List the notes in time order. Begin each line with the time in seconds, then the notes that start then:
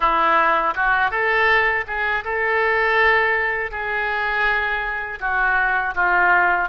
0.00 E4
0.75 F#4
1.10 A4
1.87 G#4
2.24 A4
3.71 G#4
5.20 F#4
5.94 F4